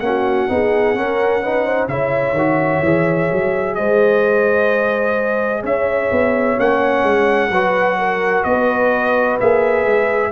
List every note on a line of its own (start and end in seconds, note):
0.00 0.48 A#3
0.00 0.49 C#4
0.00 0.52 F#4
0.00 1.88 F#5
0.49 0.95 B3
0.49 0.95 D#4
0.49 0.99 G#4
0.95 1.42 C#4
0.95 1.88 C#4
0.95 1.44 A#4
1.42 1.89 D#4
1.42 1.66 B4
1.66 1.89 C5
1.88 2.33 C#3
1.88 2.36 E4
1.88 3.78 C#5
1.88 3.75 E5
2.33 2.80 D#3
2.33 2.85 F#4
2.82 3.29 E3
2.82 6.58 G#4
3.33 3.78 F#3
3.75 5.64 G#3
3.75 5.63 C5
3.75 5.63 D#5
5.63 6.11 C#4
5.63 7.51 C#5
5.63 6.60 E5
6.12 6.58 B3
6.58 7.04 A#3
6.58 7.52 C#4
6.58 8.44 F#5
7.04 7.51 G#3
7.51 8.44 F#3
7.51 9.41 F#4
7.51 7.98 B4
7.99 8.46 A#4
8.44 9.39 B3
8.44 10.32 B4
8.44 9.38 D#5
9.40 9.86 A#3
9.40 10.32 G#4
9.40 10.32 E5
9.86 10.32 G#3